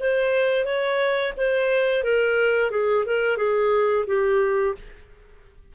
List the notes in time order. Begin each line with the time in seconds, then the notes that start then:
0.00 C5
0.65 C#5
1.37 C5
2.03 A#4
2.71 G#4
3.06 A#4
3.37 G#4
4.07 G4